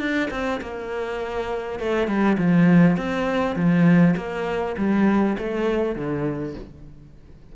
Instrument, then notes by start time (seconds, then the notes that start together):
cello
0.00 D4
0.31 C4
0.61 A#3
1.80 A3
2.08 G3
2.38 F3
2.97 C4
3.56 F3
4.17 A#3
4.78 G3
5.39 A3
5.96 D3